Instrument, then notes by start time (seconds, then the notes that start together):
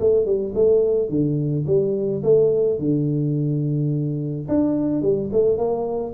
tuba
0.00 A3
0.25 G3
0.55 A3
1.09 D3
1.67 G3
2.23 A3
2.79 D3
4.48 D4
5.02 G3
5.32 A3
5.57 A#3